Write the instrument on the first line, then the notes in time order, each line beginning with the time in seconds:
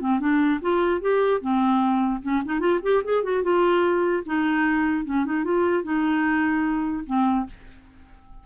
clarinet
0.00 C4
0.20 D4
0.61 F4
1.01 G4
1.41 C4
2.22 C#4
2.45 D#4
2.59 F4
2.82 G4
3.04 G#4
3.23 F#4
3.43 F4
4.25 D#4
5.05 C#4
5.25 D#4
5.44 F4
5.83 D#4
7.06 C4